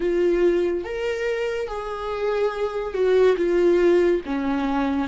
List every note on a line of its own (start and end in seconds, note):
0.00 0.84 F4
0.84 1.67 A#4
1.67 2.93 G#4
2.93 3.36 F#4
3.36 4.21 F4
4.25 5.07 C#4